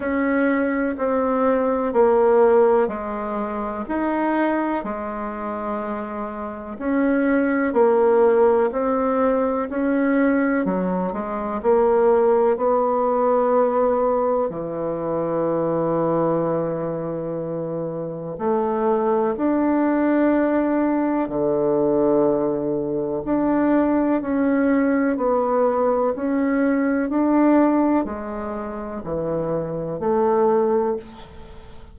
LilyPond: \new Staff \with { instrumentName = "bassoon" } { \time 4/4 \tempo 4 = 62 cis'4 c'4 ais4 gis4 | dis'4 gis2 cis'4 | ais4 c'4 cis'4 fis8 gis8 | ais4 b2 e4~ |
e2. a4 | d'2 d2 | d'4 cis'4 b4 cis'4 | d'4 gis4 e4 a4 | }